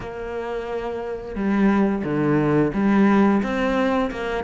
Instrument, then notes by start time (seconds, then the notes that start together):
cello
0.00 A#3
1.35 G3
2.03 D3
2.73 G3
3.42 C4
4.11 A#3